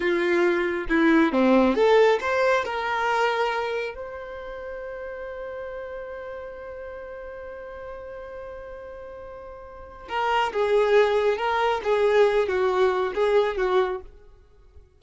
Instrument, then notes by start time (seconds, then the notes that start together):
violin
0.00 F4
0.89 E4
1.32 C4
1.75 A4
2.20 C5
2.65 A#4
3.94 C5
10.08 A#4
10.52 G#4
11.37 A#4
11.83 G#4
12.48 F#4
13.14 G#4
13.57 F#4